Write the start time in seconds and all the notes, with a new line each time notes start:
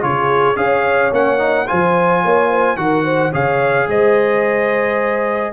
0.00 C#3 F4 G#4 C#5
0.56 C#4 G#4 C#5 F5
1.12 A#3 C#4 F#5
1.38 D#4
1.67 F3 F4 C5 G#5
2.24 A#3 C#5
2.49 C5
2.76 D#3 F#4 A#4 F#5
3.04 C5
3.31 C#3 G#4 C#5 F5
3.87 G#3 C5 D#5